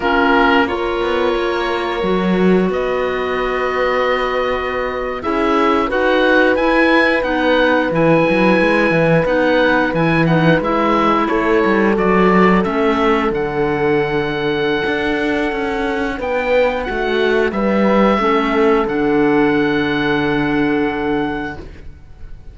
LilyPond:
<<
  \new Staff \with { instrumentName = "oboe" } { \time 4/4 \tempo 4 = 89 ais'4 cis''2. | dis''2.~ dis''8. e''16~ | e''8. fis''4 gis''4 fis''4 gis''16~ | gis''4.~ gis''16 fis''4 gis''8 fis''8 e''16~ |
e''8. cis''4 d''4 e''4 fis''16~ | fis''1 | g''4 fis''4 e''2 | fis''1 | }
  \new Staff \with { instrumentName = "horn" } { \time 4/4 f'4 ais'2. | b'2.~ b'8. gis'16~ | gis'8. b'2.~ b'16~ | b'1~ |
b'8. a'2.~ a'16~ | a'1 | b'4 fis'4 b'4 a'4~ | a'1 | }
  \new Staff \with { instrumentName = "clarinet" } { \time 4/4 cis'4 f'2 fis'4~ | fis'2.~ fis'8. e'16~ | e'8. fis'4 e'4 dis'4 e'16~ | e'4.~ e'16 dis'4 e'8 dis'8 e'16~ |
e'4.~ e'16 fis'4 cis'4 d'16~ | d'1~ | d'2. cis'4 | d'1 | }
  \new Staff \with { instrumentName = "cello" } { \time 4/4 ais4. b8 ais4 fis4 | b2.~ b8. cis'16~ | cis'8. dis'4 e'4 b4 e16~ | e16 fis8 gis8 e8 b4 e4 gis16~ |
gis8. a8 g8 fis4 a4 d16~ | d2 d'4 cis'4 | b4 a4 g4 a4 | d1 | }
>>